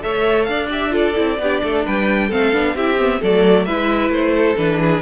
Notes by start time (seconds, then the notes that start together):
0.00 A3 A4 C#5 E5
0.44 D4 D5 F5
0.70 G4 E5
0.90 F4 A4 D5
1.15 C4 E4
1.39 B3 D4 G4
1.63 A3 A4
1.86 G3 B4 G5
2.27 A3 C4 A4 F5
2.52 B3 D4
2.75 C4 E4 G4 E5
2.98 B3
3.20 F#3 A3 A4 D5
3.65 G#3 E4 B4 E5
4.09 A3 C5
4.35 A4
4.56 E3 D4 B4
4.80 G#4